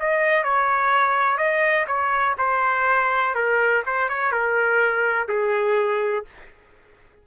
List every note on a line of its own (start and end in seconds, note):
0.00 0.44 D#5
0.44 1.38 C#5
1.38 1.86 D#5
1.87 2.36 C#5
2.38 3.35 C5
3.35 3.84 A#4
3.86 4.09 C5
4.09 4.32 C#5
4.32 5.29 A#4
5.29 6.26 G#4